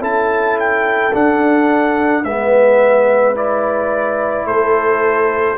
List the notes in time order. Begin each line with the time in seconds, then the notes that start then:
0.00 C#4 E4 A4 A5
0.59 G5
1.13 D4 F#5
2.24 G#3 B3 B4 E5
3.34 E4 D5
4.45 A3 A4 C5